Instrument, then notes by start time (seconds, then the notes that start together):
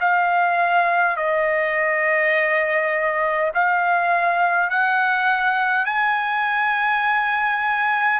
trumpet
0.00 F5
1.17 D#5
3.54 F5
4.70 F#5
5.85 G#5